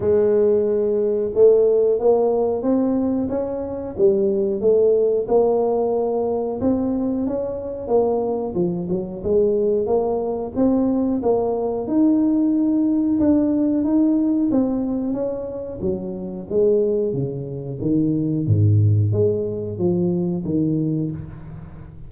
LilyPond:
\new Staff \with { instrumentName = "tuba" } { \time 4/4 \tempo 4 = 91 gis2 a4 ais4 | c'4 cis'4 g4 a4 | ais2 c'4 cis'4 | ais4 f8 fis8 gis4 ais4 |
c'4 ais4 dis'2 | d'4 dis'4 c'4 cis'4 | fis4 gis4 cis4 dis4 | gis,4 gis4 f4 dis4 | }